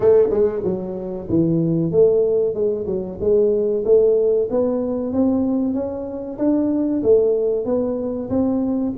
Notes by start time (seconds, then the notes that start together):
0.00 A3
0.30 G#3
0.64 F#3
1.29 E3
1.91 A3
2.54 G#3
2.86 F#3
3.20 G#3
3.84 A3
4.50 B3
5.12 C4
5.73 C#4
6.38 D4
7.02 A3
7.65 B3
8.29 C4